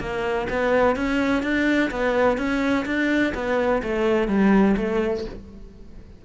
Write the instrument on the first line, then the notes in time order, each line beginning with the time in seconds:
cello
0.00 A#3
0.50 B3
0.96 C#4
1.43 D4
1.91 B3
2.38 C#4
2.86 D4
3.35 B3
3.83 A3
4.28 G3
4.77 A3